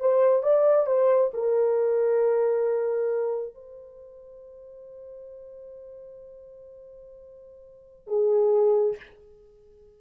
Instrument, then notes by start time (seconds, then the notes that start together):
horn
0.00 C5
0.43 D5
0.86 C5
1.34 A#4
3.55 C5
8.07 G#4